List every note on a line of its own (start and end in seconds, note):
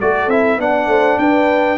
0.00 0.27 A3
0.00 0.30 F#4
0.00 0.60 A4
0.00 0.30 D5
0.27 0.57 C4
0.27 0.59 E4
0.27 0.60 E5
0.57 0.87 B3
0.57 1.78 D4
0.57 0.89 D5
0.57 1.18 F#5
0.87 1.17 A3
0.87 1.19 C5
1.18 1.78 D4
1.18 1.78 B4
1.18 1.78 G5